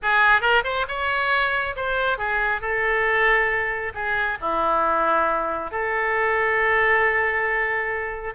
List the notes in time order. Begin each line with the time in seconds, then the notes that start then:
0.02 G#4
0.41 A#4
0.64 C5
0.88 C#5
1.75 C5
2.18 G#4
2.61 A4
3.94 G#4
4.40 E4
5.71 A4